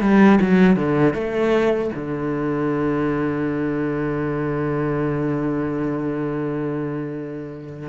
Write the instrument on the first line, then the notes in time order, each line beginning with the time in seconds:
cello
0.00 G3
0.41 F#3
0.76 D3
1.13 A3
1.95 D3